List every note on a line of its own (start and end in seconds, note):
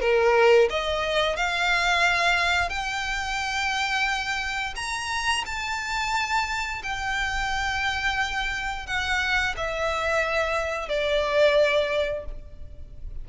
0.00 0.68 A#4
0.70 1.36 D#5
1.36 2.69 F5
2.69 4.74 G5
4.76 5.44 A#5
5.45 6.82 A5
6.83 8.86 G5
8.86 9.55 F#5
9.56 10.88 E5
10.88 12.25 D5